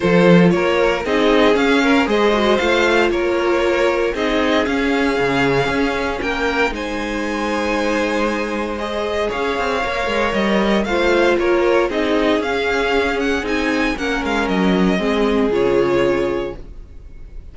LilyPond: <<
  \new Staff \with { instrumentName = "violin" } { \time 4/4 \tempo 4 = 116 c''4 cis''4 dis''4 f''4 | dis''4 f''4 cis''2 | dis''4 f''2. | g''4 gis''2.~ |
gis''4 dis''4 f''2 | dis''4 f''4 cis''4 dis''4 | f''4. fis''8 gis''4 fis''8 f''8 | dis''2 cis''2 | }
  \new Staff \with { instrumentName = "violin" } { \time 4/4 a'4 ais'4 gis'4. ais'8 | c''2 ais'2 | gis'1 | ais'4 c''2.~ |
c''2 cis''2~ | cis''4 c''4 ais'4 gis'4~ | gis'2. ais'4~ | ais'4 gis'2. | }
  \new Staff \with { instrumentName = "viola" } { \time 4/4 f'2 dis'4 cis'4 | gis'8 fis'8 f'2. | dis'4 cis'2.~ | cis'4 dis'2.~ |
dis'4 gis'2 ais'4~ | ais'4 f'2 dis'4 | cis'2 dis'4 cis'4~ | cis'4 c'4 f'2 | }
  \new Staff \with { instrumentName = "cello" } { \time 4/4 f4 ais4 c'4 cis'4 | gis4 a4 ais2 | c'4 cis'4 cis4 cis'4 | ais4 gis2.~ |
gis2 cis'8 c'8 ais8 gis8 | g4 a4 ais4 c'4 | cis'2 c'4 ais8 gis8 | fis4 gis4 cis2 | }
>>